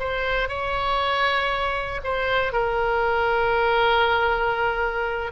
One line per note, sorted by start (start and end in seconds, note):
0.00 0.49 C5
0.49 2.02 C#5
2.04 2.53 C5
2.53 5.32 A#4